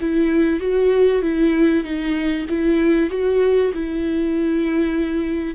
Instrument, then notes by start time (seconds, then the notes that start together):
viola
0.00 E4
0.60 F#4
1.22 E4
1.84 D#4
2.49 E4
3.10 F#4
3.73 E4